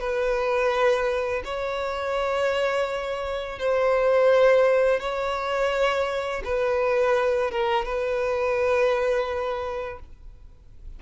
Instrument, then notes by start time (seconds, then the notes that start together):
violin
0.00 B4
1.45 C#5
3.59 C5
5.00 C#5
6.45 B4
7.52 A#4
7.86 B4